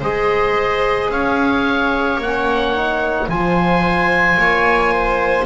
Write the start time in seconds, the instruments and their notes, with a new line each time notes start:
0.00 double bass G#3, trombone G#4, viola C5, oboe D#5
1.10 double bass C#4, viola C#5, oboe F5
2.18 double bass A#3, trombone C#4, oboe F#5
2.75 trombone D#4
3.28 double bass F3, trombone F4, viola C5, oboe G#5
4.37 double bass A#3, viola C#5
4.92 viola C5